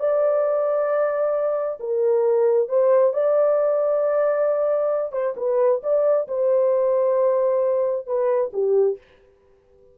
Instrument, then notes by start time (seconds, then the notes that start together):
horn
0.00 D5
1.80 A#4
2.69 C5
3.14 D5
5.12 C5
5.37 B4
5.83 D5
6.28 C5
8.07 B4
8.53 G4